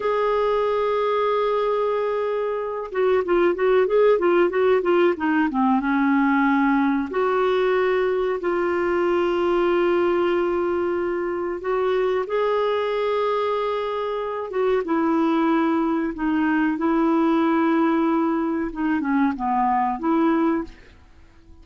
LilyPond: \new Staff \with { instrumentName = "clarinet" } { \time 4/4 \tempo 4 = 93 gis'1~ | gis'8 fis'8 f'8 fis'8 gis'8 f'8 fis'8 f'8 | dis'8 c'8 cis'2 fis'4~ | fis'4 f'2.~ |
f'2 fis'4 gis'4~ | gis'2~ gis'8 fis'8 e'4~ | e'4 dis'4 e'2~ | e'4 dis'8 cis'8 b4 e'4 | }